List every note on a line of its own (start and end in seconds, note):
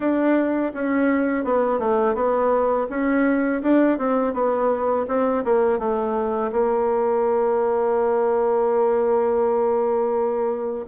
0.00 0.72 D4
0.74 1.44 C#4
1.44 1.79 B3
1.79 2.15 A3
2.15 2.87 B3
2.89 3.61 C#4
3.62 3.98 D4
3.98 4.33 C4
4.33 5.06 B3
5.08 5.44 C4
5.44 5.78 A#3
5.78 6.51 A3
6.52 10.85 A#3